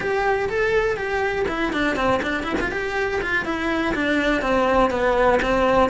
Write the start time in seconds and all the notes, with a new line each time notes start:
0.00 G4
0.49 A4
0.96 G4
1.48 E4
1.72 D4
1.96 C4
2.22 D4
2.43 E4
2.60 F4
2.71 G4
3.21 F4
3.45 E4
3.94 D4
4.42 C4
4.90 B3
5.42 C4